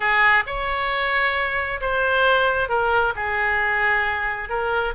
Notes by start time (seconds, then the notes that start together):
0.00 G#4
0.46 C#5
1.80 C5
2.68 A#4
3.15 G#4
4.49 A#4